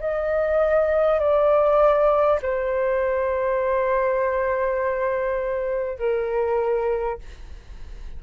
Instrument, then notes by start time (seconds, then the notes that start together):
flute
0.00 D#5
1.19 D5
2.42 C5
5.98 A#4